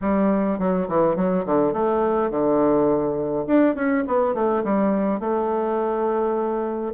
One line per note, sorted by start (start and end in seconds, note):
0.01 0.58 G3
0.58 0.87 F#3
0.88 1.15 E3
1.15 1.44 F#3
1.45 1.73 D3
1.73 2.30 A3
2.30 3.45 D3
3.46 3.75 D4
3.75 4.04 C#4
4.07 4.34 B3
4.34 4.63 A3
4.63 5.20 G3
5.20 6.93 A3